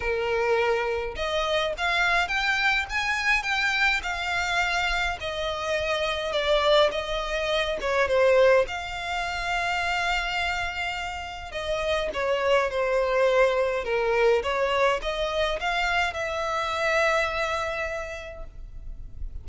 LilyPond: \new Staff \with { instrumentName = "violin" } { \time 4/4 \tempo 4 = 104 ais'2 dis''4 f''4 | g''4 gis''4 g''4 f''4~ | f''4 dis''2 d''4 | dis''4. cis''8 c''4 f''4~ |
f''1 | dis''4 cis''4 c''2 | ais'4 cis''4 dis''4 f''4 | e''1 | }